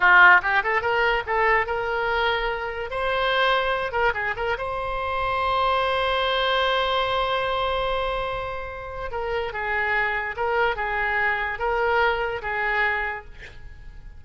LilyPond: \new Staff \with { instrumentName = "oboe" } { \time 4/4 \tempo 4 = 145 f'4 g'8 a'8 ais'4 a'4 | ais'2. c''4~ | c''4. ais'8 gis'8 ais'8 c''4~ | c''1~ |
c''1~ | c''2 ais'4 gis'4~ | gis'4 ais'4 gis'2 | ais'2 gis'2 | }